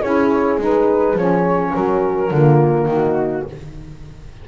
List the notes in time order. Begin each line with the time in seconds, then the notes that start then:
0.00 C#4 E4 G#4 C#5
0.58 G#3 D#4 B4
1.14 F3 C#4 C#5
1.75 F#3 F#4 A#4
2.31 D3 A#3 F4
2.86 D#3 D#4 F#4